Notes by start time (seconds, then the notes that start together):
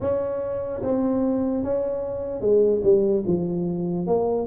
0.00 C#4
0.82 C4
1.63 C#4
2.40 G#3
2.83 G3
3.26 F3
4.06 A#3